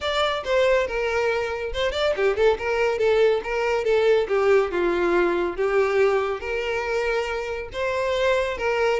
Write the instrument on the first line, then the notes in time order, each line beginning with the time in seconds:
violin
0.00 D5
0.44 C5
0.87 A#4
1.73 C5
1.92 D5
2.16 G4
2.36 A4
2.58 A#4
2.98 A4
3.43 A#4
3.84 A4
4.28 G4
4.71 F4
5.56 G4
6.40 A#4
7.72 C5
8.57 A#4